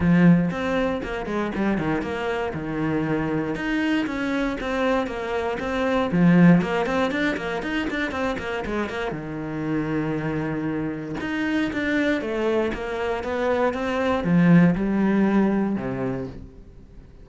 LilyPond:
\new Staff \with { instrumentName = "cello" } { \time 4/4 \tempo 4 = 118 f4 c'4 ais8 gis8 g8 dis8 | ais4 dis2 dis'4 | cis'4 c'4 ais4 c'4 | f4 ais8 c'8 d'8 ais8 dis'8 d'8 |
c'8 ais8 gis8 ais8 dis2~ | dis2 dis'4 d'4 | a4 ais4 b4 c'4 | f4 g2 c4 | }